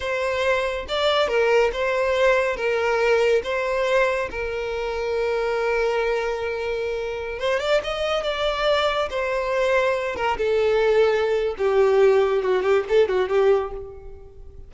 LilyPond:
\new Staff \with { instrumentName = "violin" } { \time 4/4 \tempo 4 = 140 c''2 d''4 ais'4 | c''2 ais'2 | c''2 ais'2~ | ais'1~ |
ais'4~ ais'16 c''8 d''8 dis''4 d''8.~ | d''4~ d''16 c''2~ c''8 ais'16~ | ais'16 a'2~ a'8. g'4~ | g'4 fis'8 g'8 a'8 fis'8 g'4 | }